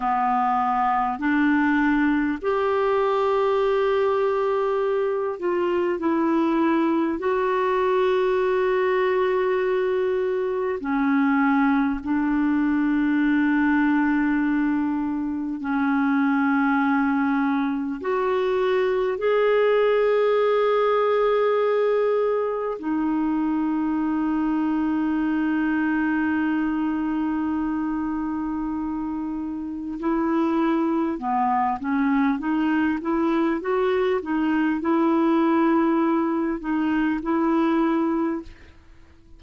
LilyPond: \new Staff \with { instrumentName = "clarinet" } { \time 4/4 \tempo 4 = 50 b4 d'4 g'2~ | g'8 f'8 e'4 fis'2~ | fis'4 cis'4 d'2~ | d'4 cis'2 fis'4 |
gis'2. dis'4~ | dis'1~ | dis'4 e'4 b8 cis'8 dis'8 e'8 | fis'8 dis'8 e'4. dis'8 e'4 | }